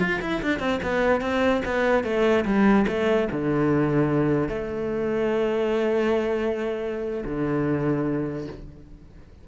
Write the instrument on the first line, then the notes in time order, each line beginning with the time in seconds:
cello
0.00 F4
0.22 E4
0.42 D4
0.60 C4
0.83 B3
1.21 C4
1.65 B3
2.04 A3
2.45 G3
2.88 A3
3.32 D3
4.49 A3
7.25 D3